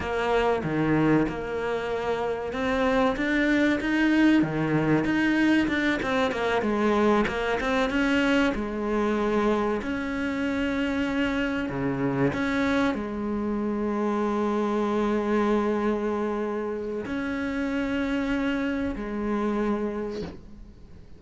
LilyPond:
\new Staff \with { instrumentName = "cello" } { \time 4/4 \tempo 4 = 95 ais4 dis4 ais2 | c'4 d'4 dis'4 dis4 | dis'4 d'8 c'8 ais8 gis4 ais8 | c'8 cis'4 gis2 cis'8~ |
cis'2~ cis'8 cis4 cis'8~ | cis'8 gis2.~ gis8~ | gis2. cis'4~ | cis'2 gis2 | }